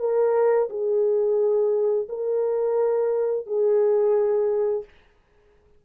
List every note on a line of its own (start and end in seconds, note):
0.00 0.69 A#4
0.70 2.08 G#4
2.09 3.47 A#4
3.47 4.85 G#4